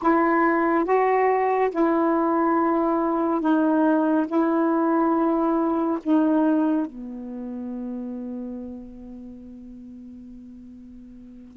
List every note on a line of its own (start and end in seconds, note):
0.02 0.85 E4
0.85 1.70 F#4
1.71 3.41 E4
3.41 4.26 D#4
4.27 5.98 E4
6.03 6.86 D#4
6.86 11.56 B3